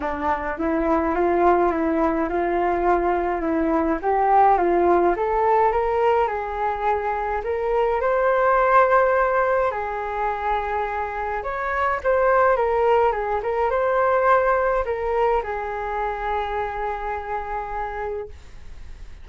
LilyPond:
\new Staff \with { instrumentName = "flute" } { \time 4/4 \tempo 4 = 105 d'4 e'4 f'4 e'4 | f'2 e'4 g'4 | f'4 a'4 ais'4 gis'4~ | gis'4 ais'4 c''2~ |
c''4 gis'2. | cis''4 c''4 ais'4 gis'8 ais'8 | c''2 ais'4 gis'4~ | gis'1 | }